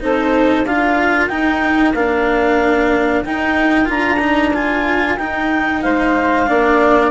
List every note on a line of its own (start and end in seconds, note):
0.00 0.64 C4
0.00 0.65 D#4
0.00 0.67 A4
0.00 0.66 C5
0.64 1.29 D4
0.64 1.29 F4
0.64 5.83 A#4
0.64 1.28 F5
1.28 1.94 D#4
1.28 1.92 G5
1.94 3.23 A#3
1.94 3.25 D4
1.94 3.23 F5
3.24 3.85 D#4
3.24 3.88 D#4
3.24 3.89 G5
3.85 5.17 D4
3.85 4.17 F4
3.85 4.54 A#5
4.19 4.52 D#4
4.53 5.18 F4
4.53 5.17 G#5
5.17 5.82 D#4
5.17 6.46 D#4
5.17 5.81 G5
5.81 6.49 G#3
5.81 6.48 C5
5.81 7.10 F5
6.46 7.11 A#3
6.46 7.11 D4
6.46 7.11 D5